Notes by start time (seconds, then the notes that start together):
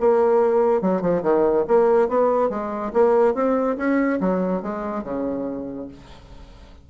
0.00 A#3
0.82 F#3
1.02 F3
1.23 D#3
1.68 A#3
2.09 B3
2.50 G#3
2.93 A#3
3.35 C4
3.77 C#4
4.20 F#3
4.63 G#3
5.04 C#3